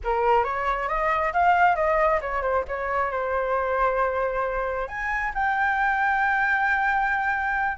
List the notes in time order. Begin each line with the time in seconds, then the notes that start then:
0.04 A#4
0.43 C#5
0.88 D#5
1.33 F5
1.75 D#5
2.21 C#5
2.42 C5
2.68 C#5
3.11 C5
4.88 G#5
5.34 G5